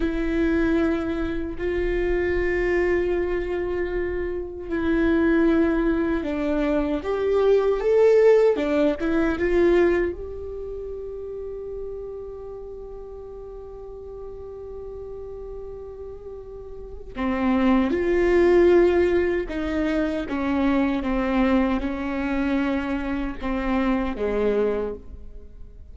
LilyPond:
\new Staff \with { instrumentName = "viola" } { \time 4/4 \tempo 4 = 77 e'2 f'2~ | f'2 e'2 | d'4 g'4 a'4 d'8 e'8 | f'4 g'2.~ |
g'1~ | g'2 c'4 f'4~ | f'4 dis'4 cis'4 c'4 | cis'2 c'4 gis4 | }